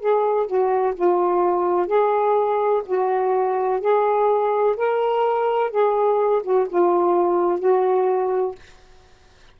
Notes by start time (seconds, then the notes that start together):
0.00 G#4
0.47 F#4
0.95 F4
1.87 G#4
2.86 F#4
3.81 G#4
4.77 A#4
5.71 G#4
6.43 F#4
6.69 F4
7.60 F#4